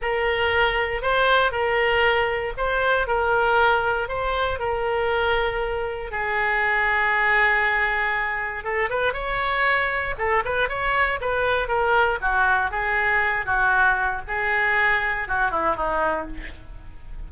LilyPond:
\new Staff \with { instrumentName = "oboe" } { \time 4/4 \tempo 4 = 118 ais'2 c''4 ais'4~ | ais'4 c''4 ais'2 | c''4 ais'2. | gis'1~ |
gis'4 a'8 b'8 cis''2 | a'8 b'8 cis''4 b'4 ais'4 | fis'4 gis'4. fis'4. | gis'2 fis'8 e'8 dis'4 | }